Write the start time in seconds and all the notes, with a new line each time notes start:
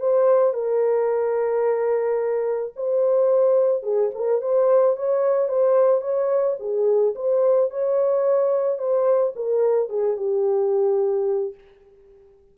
0.00 C5
0.54 A#4
2.76 C5
3.83 G#4
4.14 A#4
4.42 C5
4.96 C#5
5.49 C5
6.02 C#5
6.60 G#4
7.15 C5
7.71 C#5
8.78 C5
9.36 A#4
9.89 G#4
10.17 G4